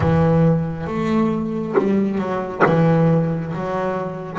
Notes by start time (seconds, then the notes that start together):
0.00 E3
0.87 A3
1.77 G3
2.18 F#3
2.66 E3
3.55 F#3